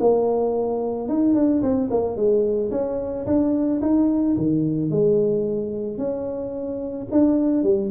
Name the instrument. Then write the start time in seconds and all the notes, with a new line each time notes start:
tuba
0.00 A#3
1.09 D#4
1.35 D4
1.62 C4
1.91 A#3
2.16 G#3
2.71 C#4
3.27 D4
3.82 D#4
4.37 D#3
4.91 G#3
5.98 C#4
7.12 D4
7.64 G3